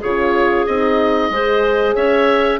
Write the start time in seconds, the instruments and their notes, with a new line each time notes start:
0.00 bassoon C#3, horn F4, clarinet G#4, oboe C#5
0.66 bassoon C4, horn D#4, oboe D#5
1.30 bassoon G#3, horn G#4, clarinet C5
1.95 bassoon C#4, clarinet C#5, oboe E5